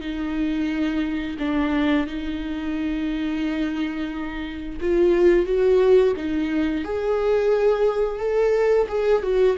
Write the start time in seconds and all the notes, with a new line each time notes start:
0.00 D#4
1.38 D4
2.07 D#4
4.81 F4
5.45 F#4
6.16 D#4
6.84 G#4
8.19 A4
8.88 G#4
9.22 F#4